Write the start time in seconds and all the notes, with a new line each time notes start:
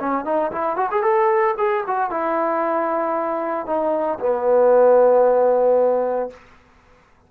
0.00 C#4
0.25 D#4
0.52 E4
0.77 F#4
0.92 G#4
1.03 A4
1.58 G#4
1.87 F#4
2.11 E4
3.67 D#4
4.20 B3